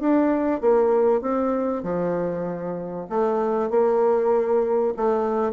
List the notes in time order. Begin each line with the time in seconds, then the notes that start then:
0.00 D4
0.61 A#3
1.21 C4
1.83 F3
3.09 A3
3.70 A#3
4.97 A3